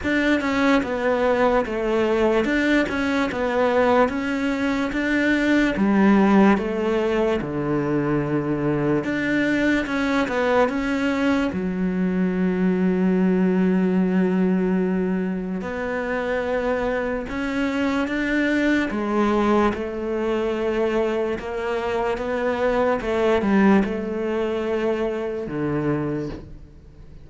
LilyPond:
\new Staff \with { instrumentName = "cello" } { \time 4/4 \tempo 4 = 73 d'8 cis'8 b4 a4 d'8 cis'8 | b4 cis'4 d'4 g4 | a4 d2 d'4 | cis'8 b8 cis'4 fis2~ |
fis2. b4~ | b4 cis'4 d'4 gis4 | a2 ais4 b4 | a8 g8 a2 d4 | }